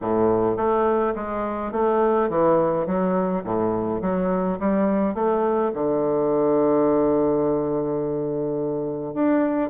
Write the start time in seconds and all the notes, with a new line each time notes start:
0.01 A2
0.56 A3
1.15 G#3
1.72 A3
2.29 E3
2.86 F#3
3.44 A2
4.01 F#3
4.59 G3
5.14 A3
5.74 D3
9.14 D4